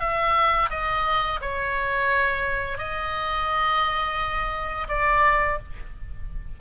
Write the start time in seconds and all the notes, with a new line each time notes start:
0.00 E5
0.71 D#5
1.42 C#5
2.78 D#5
4.89 D5